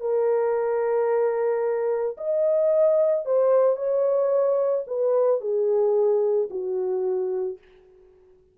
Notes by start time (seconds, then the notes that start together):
0.00 A#4
2.17 D#5
3.25 C5
3.76 C#5
4.87 B4
5.40 G#4
6.50 F#4